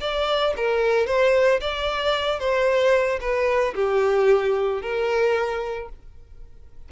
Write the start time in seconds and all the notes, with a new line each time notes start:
0.00 D5
0.56 A#4
1.06 C5
1.60 D5
2.39 C5
3.20 B4
3.75 G4
4.81 A#4